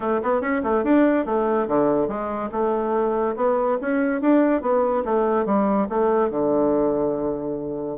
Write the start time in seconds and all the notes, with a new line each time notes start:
0.00 A3
0.22 B3
0.41 C#4
0.63 A3
0.84 D4
1.25 A3
1.68 D3
2.08 G#3
2.51 A3
3.36 B3
3.81 C#4
4.21 D4
4.61 B3
5.04 A3
5.45 G3
5.89 A3
6.30 D3